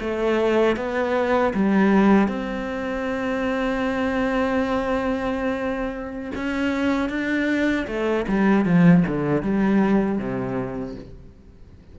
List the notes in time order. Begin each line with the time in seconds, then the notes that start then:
0.00 A3
0.76 B3
1.54 G3
2.28 C4
6.35 C#4
7.09 D4
7.87 A3
8.28 G3
8.65 F3
9.07 D3
9.42 G3
10.18 C3